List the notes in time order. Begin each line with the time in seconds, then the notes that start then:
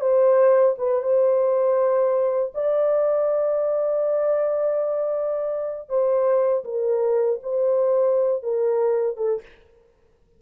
0.00 C5
0.77 B4
1.02 C5
2.54 D5
5.89 C5
6.64 A#4
7.42 C5
8.42 A#4
9.16 A4